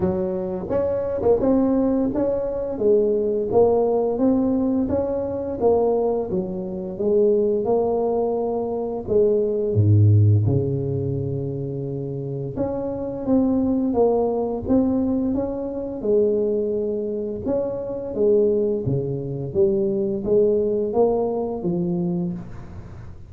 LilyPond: \new Staff \with { instrumentName = "tuba" } { \time 4/4 \tempo 4 = 86 fis4 cis'8. ais16 c'4 cis'4 | gis4 ais4 c'4 cis'4 | ais4 fis4 gis4 ais4~ | ais4 gis4 gis,4 cis4~ |
cis2 cis'4 c'4 | ais4 c'4 cis'4 gis4~ | gis4 cis'4 gis4 cis4 | g4 gis4 ais4 f4 | }